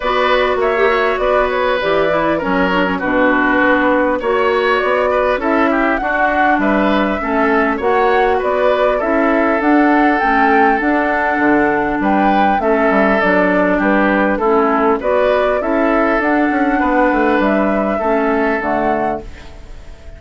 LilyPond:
<<
  \new Staff \with { instrumentName = "flute" } { \time 4/4 \tempo 4 = 100 d''4 e''4 d''8 cis''8 d''4 | cis''4 b'2 cis''4 | d''4 e''4 fis''4 e''4~ | e''4 fis''4 d''4 e''4 |
fis''4 g''4 fis''2 | g''4 e''4 d''4 b'4 | a'4 d''4 e''4 fis''4~ | fis''4 e''2 fis''4 | }
  \new Staff \with { instrumentName = "oboe" } { \time 4/4 b'4 cis''4 b'2 | ais'4 fis'2 cis''4~ | cis''8 b'8 a'8 g'8 fis'4 b'4 | a'4 cis''4 b'4 a'4~ |
a'1 | b'4 a'2 g'4 | e'4 b'4 a'2 | b'2 a'2 | }
  \new Staff \with { instrumentName = "clarinet" } { \time 4/4 fis'4~ fis'16 g'16 fis'4. g'8 e'8 | cis'8 d'16 cis'16 d'2 fis'4~ | fis'4 e'4 d'2 | cis'4 fis'2 e'4 |
d'4 cis'4 d'2~ | d'4 cis'4 d'2 | cis'4 fis'4 e'4 d'4~ | d'2 cis'4 a4 | }
  \new Staff \with { instrumentName = "bassoon" } { \time 4/4 b4 ais4 b4 e4 | fis4 b,4 b4 ais4 | b4 cis'4 d'4 g4 | a4 ais4 b4 cis'4 |
d'4 a4 d'4 d4 | g4 a8 g8 fis4 g4 | a4 b4 cis'4 d'8 cis'8 | b8 a8 g4 a4 d4 | }
>>